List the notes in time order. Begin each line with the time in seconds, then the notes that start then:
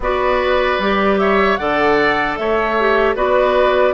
0.00 B3 F#4 B4 D5
0.78 G3 G4
1.18 C#5 E5
1.56 D3 A4 D5 F#5
2.36 A3 C#5 E5
2.79 G4
3.15 B3 F#4 B4 D5